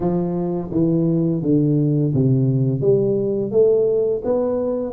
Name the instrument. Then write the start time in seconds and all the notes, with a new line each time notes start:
tuba
0.00 F3
0.71 E3
1.42 D3
2.14 C3
2.80 G3
3.51 A3
4.24 B3